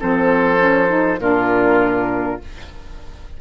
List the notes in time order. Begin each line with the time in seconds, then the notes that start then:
0.00 F3 C4 A4 C5
0.58 C#4
0.89 D#4
1.20 A#2 D4 F4 A#4